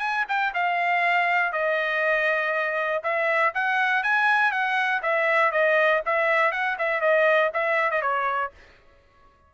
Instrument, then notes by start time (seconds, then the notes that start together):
trumpet
0.00 G#5
0.29 G5
0.54 F5
1.53 D#5
3.03 E5
3.55 F#5
4.04 G#5
4.52 F#5
5.03 E5
5.52 D#5
6.06 E5
6.52 F#5
6.79 E5
7.01 D#5
7.54 E5
7.91 D#5
8.02 C#5